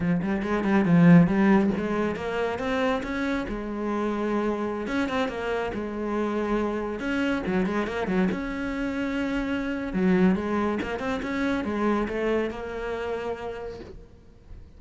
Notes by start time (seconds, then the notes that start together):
0.00 F3
0.22 G3
0.42 G#3
0.64 G3
0.85 F3
1.27 G3
1.77 G#3
2.15 A#3
2.59 C4
3.03 C#4
3.48 G#3
4.87 C#4
5.08 C4
5.28 A#3
5.74 G#3
6.99 C#4
7.46 F#3
7.66 G#3
7.87 A#3
8.07 F#3
8.31 C#4
9.93 F#3
10.35 G#3
10.82 A#3
10.99 C4
11.22 C#4
11.64 G#3
12.08 A3
12.50 A#3